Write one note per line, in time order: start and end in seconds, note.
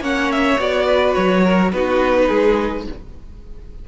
0.00 0.57 A#3
0.00 0.58 C#4
0.00 0.85 C#5
0.00 0.31 F#5
0.31 0.60 E5
0.58 1.15 B3
0.58 1.73 F#4
0.58 1.13 D5
0.85 1.42 B4
1.13 1.72 F#3
1.13 1.70 C#5
1.44 1.72 A#4
1.72 2.29 B3
1.72 2.87 D#4
1.72 2.27 F#4
1.72 2.85 B4
2.27 2.87 G#3
2.27 2.84 G#4